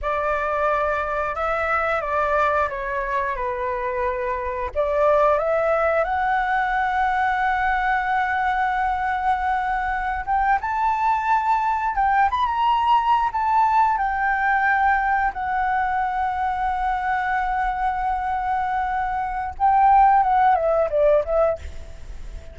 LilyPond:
\new Staff \with { instrumentName = "flute" } { \time 4/4 \tempo 4 = 89 d''2 e''4 d''4 | cis''4 b'2 d''4 | e''4 fis''2.~ | fis''2.~ fis''16 g''8 a''16~ |
a''4.~ a''16 g''8 b''16 ais''4~ ais''16 a''16~ | a''8. g''2 fis''4~ fis''16~ | fis''1~ | fis''4 g''4 fis''8 e''8 d''8 e''8 | }